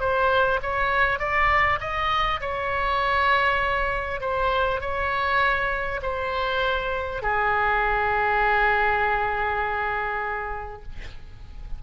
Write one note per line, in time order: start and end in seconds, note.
0.00 0.60 C5
0.62 1.19 C#5
1.19 1.79 D5
1.81 2.41 D#5
2.41 4.21 C#5
4.21 4.81 C5
4.81 6.01 C#5
6.03 7.23 C5
7.23 10.83 G#4